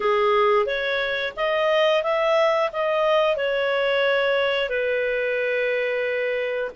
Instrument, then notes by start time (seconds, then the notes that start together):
clarinet
0.00 G#4
0.66 C#5
1.36 D#5
2.03 E5
2.72 D#5
3.36 C#5
4.69 B4